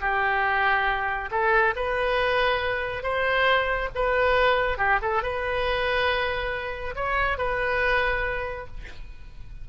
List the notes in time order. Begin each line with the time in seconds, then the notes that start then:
0.00 G4
1.31 A4
1.76 B4
3.02 C5
3.95 B4
4.77 G4
5.02 A4
5.22 B4
6.95 C#5
7.37 B4